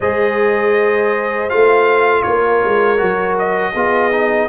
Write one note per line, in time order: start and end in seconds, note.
0.00 1.50 G#3
0.00 1.49 G#4
0.00 2.21 C5
0.00 1.49 D#5
1.49 2.25 A3
1.49 2.97 F4
1.49 2.22 F5
2.22 2.63 A#3
2.22 3.74 A#4
2.22 3.35 C#5
2.64 3.01 G#3
2.97 3.74 F#3
2.97 3.72 F#4
3.39 4.48 D#5
3.74 4.48 B3
3.74 4.11 F4
3.74 4.48 G#4
4.11 4.48 D#4